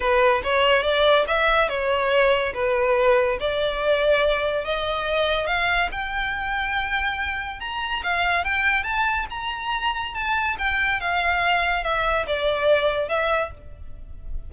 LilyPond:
\new Staff \with { instrumentName = "violin" } { \time 4/4 \tempo 4 = 142 b'4 cis''4 d''4 e''4 | cis''2 b'2 | d''2. dis''4~ | dis''4 f''4 g''2~ |
g''2 ais''4 f''4 | g''4 a''4 ais''2 | a''4 g''4 f''2 | e''4 d''2 e''4 | }